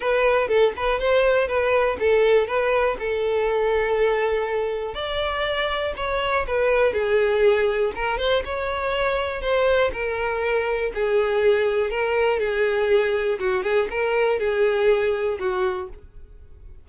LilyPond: \new Staff \with { instrumentName = "violin" } { \time 4/4 \tempo 4 = 121 b'4 a'8 b'8 c''4 b'4 | a'4 b'4 a'2~ | a'2 d''2 | cis''4 b'4 gis'2 |
ais'8 c''8 cis''2 c''4 | ais'2 gis'2 | ais'4 gis'2 fis'8 gis'8 | ais'4 gis'2 fis'4 | }